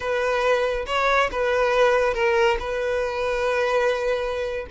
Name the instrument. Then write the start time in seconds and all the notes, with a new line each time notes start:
violin
0.00 B4
0.86 C#5
1.31 B4
2.13 A#4
2.59 B4